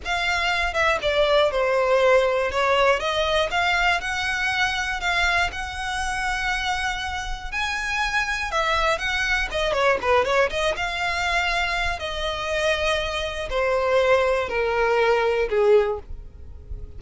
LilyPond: \new Staff \with { instrumentName = "violin" } { \time 4/4 \tempo 4 = 120 f''4. e''8 d''4 c''4~ | c''4 cis''4 dis''4 f''4 | fis''2 f''4 fis''4~ | fis''2. gis''4~ |
gis''4 e''4 fis''4 dis''8 cis''8 | b'8 cis''8 dis''8 f''2~ f''8 | dis''2. c''4~ | c''4 ais'2 gis'4 | }